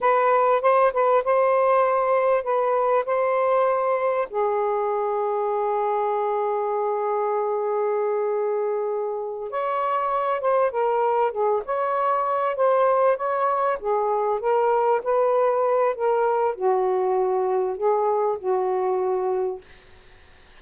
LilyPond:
\new Staff \with { instrumentName = "saxophone" } { \time 4/4 \tempo 4 = 98 b'4 c''8 b'8 c''2 | b'4 c''2 gis'4~ | gis'1~ | gis'2.~ gis'8 cis''8~ |
cis''4 c''8 ais'4 gis'8 cis''4~ | cis''8 c''4 cis''4 gis'4 ais'8~ | ais'8 b'4. ais'4 fis'4~ | fis'4 gis'4 fis'2 | }